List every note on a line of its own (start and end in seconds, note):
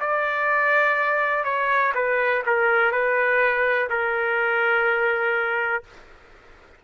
0.00 1.44 D5
1.44 1.92 C#5
1.94 2.43 B4
2.46 2.92 A#4
2.92 3.88 B4
3.90 5.83 A#4